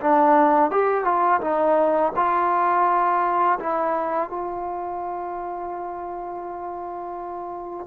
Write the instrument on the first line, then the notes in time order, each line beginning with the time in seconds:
trombone
0.00 D4
0.70 G4
1.04 F4
1.41 D#4
2.16 F4
3.59 E4
4.29 F4